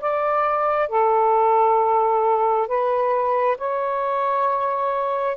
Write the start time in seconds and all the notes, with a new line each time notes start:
0.00 D5
0.88 A4
2.67 B4
3.57 C#5